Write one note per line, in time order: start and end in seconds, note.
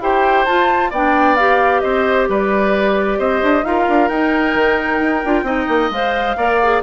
0.00 0.45 E4
0.00 0.47 G4
0.00 0.91 C5
0.00 0.46 G5
0.46 0.92 F4
0.46 0.94 F4
0.46 0.91 A5
0.91 1.83 B3
0.91 1.39 D4
0.91 1.82 D5
0.91 1.36 G5
1.36 3.65 G4
1.36 1.81 F5
1.81 2.29 C4
1.81 2.29 C5
1.81 2.27 D#5
2.29 3.19 G3
2.29 3.19 B4
2.29 3.20 D5
3.19 3.42 C4
3.19 3.65 C5
3.19 3.65 D#5
3.43 3.64 D4
3.64 3.87 D#4
3.64 4.11 F4
3.64 5.46 A#4
3.64 4.09 F5
3.89 4.09 D4
4.09 4.55 D#4
4.09 5.26 D#4
4.09 5.91 G5
4.55 5.00 D#3
5.00 5.23 D#4
5.26 5.43 D4
5.26 5.45 F4
5.43 5.66 C4
5.43 5.91 D#4
5.43 6.37 D#5
5.69 5.91 A#3
5.91 6.36 G#3
5.91 6.38 C5
5.91 6.83 F5
6.37 6.82 A#3
6.37 6.61 A#4
6.37 6.83 D5
6.63 6.83 G#4